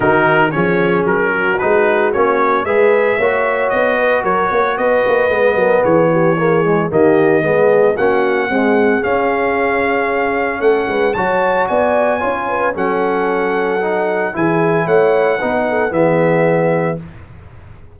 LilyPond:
<<
  \new Staff \with { instrumentName = "trumpet" } { \time 4/4 \tempo 4 = 113 ais'4 cis''4 ais'4 b'4 | cis''4 e''2 dis''4 | cis''4 dis''2 cis''4~ | cis''4 dis''2 fis''4~ |
fis''4 f''2. | fis''4 a''4 gis''2 | fis''2. gis''4 | fis''2 e''2 | }
  \new Staff \with { instrumentName = "horn" } { \time 4/4 fis'4 gis'4. fis'4.~ | fis'4 b'4 cis''4. b'8 | ais'8 cis''8 b'4. ais'8 gis'8 g'8 | gis'4 g'4 gis'4 fis'4 |
gis'1 | a'8 b'8 cis''4 d''4 cis''8 b'8 | a'2. gis'4 | cis''4 b'8 a'8 gis'2 | }
  \new Staff \with { instrumentName = "trombone" } { \time 4/4 dis'4 cis'2 dis'4 | cis'4 gis'4 fis'2~ | fis'2 b2 | ais8 gis8 ais4 b4 cis'4 |
gis4 cis'2.~ | cis'4 fis'2 f'4 | cis'2 dis'4 e'4~ | e'4 dis'4 b2 | }
  \new Staff \with { instrumentName = "tuba" } { \time 4/4 dis4 f4 fis4 gis4 | ais4 gis4 ais4 b4 | fis8 ais8 b8 ais8 gis8 fis8 e4~ | e4 dis4 gis4 ais4 |
c'4 cis'2. | a8 gis8 fis4 b4 cis'4 | fis2. e4 | a4 b4 e2 | }
>>